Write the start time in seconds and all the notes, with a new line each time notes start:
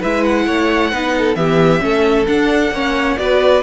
0.00 G#3 E4 B4 E5
0.24 F#5
0.47 A3 C#5
0.92 B3 D#4 B4
1.19 A4
1.36 E3 B3 G4 E5
1.80 A3 C#4 A4
2.27 D4 F#5
2.71 A#3 C#4 C#5
3.18 B3 F#4 B4 D5